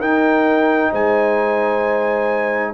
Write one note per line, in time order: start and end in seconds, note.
0.00 0.91 D#4
0.00 2.75 D#4
0.00 0.91 A#4
0.00 0.93 G5
0.91 2.75 G#3
0.91 2.73 C5
0.91 2.75 G#5